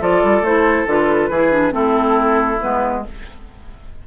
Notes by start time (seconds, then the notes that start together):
0.00 F3 F4 A4 D5
0.23 G3
0.41 A3 E4 C5
0.87 D3 F4 B4
1.30 E3 E4 G#4
1.52 D4
1.71 A3 C4 E4 A4
2.61 G#3 B3 B4